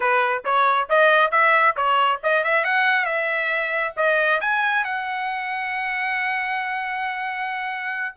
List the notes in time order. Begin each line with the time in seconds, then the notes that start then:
0.00 B4
0.44 C#5
0.89 D#5
1.31 E5
1.76 C#5
2.23 D#5
2.43 E5
2.64 F#5
3.05 E5
3.96 D#5
4.41 G#5
4.84 F#5